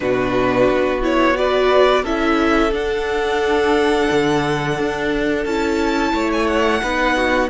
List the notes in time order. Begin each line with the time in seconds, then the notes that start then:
0.00 B2 D4 F#4 B4
0.70 B3
1.01 E4 C#5
1.34 F#4 B4 D5
2.03 C#4 E4 A4 E5
2.71 D4 F#5
4.11 D3
4.79 D4
5.45 C#4 E4 A5
6.13 A3 C#5
6.32 G#5
6.47 F#5
6.82 B3 D#4 B4
7.16 F#4